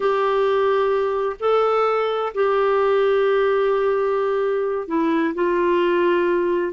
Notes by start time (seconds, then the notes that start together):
0.00 G4
1.39 A4
2.34 G4
4.87 E4
5.34 F4